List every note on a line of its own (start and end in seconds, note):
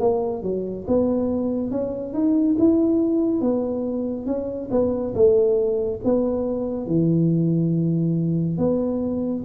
0.00 0.43 A#3
0.43 0.86 F#3
0.87 1.71 B3
1.71 2.14 C#4
2.14 2.56 D#4
2.58 3.41 E4
3.41 4.26 B3
4.26 4.69 C#4
4.71 5.14 B3
5.15 6.00 A3
6.04 6.86 B3
6.86 8.58 E3
8.58 9.44 B3